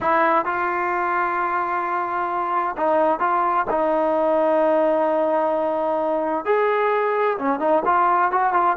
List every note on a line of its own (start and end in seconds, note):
0.00 0.45 E4
0.45 2.75 F4
2.76 3.19 D#4
3.19 3.65 F4
3.70 6.45 D#4
6.45 7.37 G#4
7.38 7.59 C#4
7.59 7.82 D#4
7.85 8.31 F4
8.31 8.53 F#4
8.53 8.76 F4